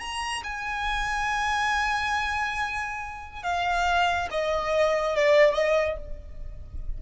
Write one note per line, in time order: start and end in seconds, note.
0.00 0.43 A#5
0.44 3.43 G#5
3.43 4.29 F5
4.31 5.16 D#5
5.16 5.54 D5
5.54 5.97 D#5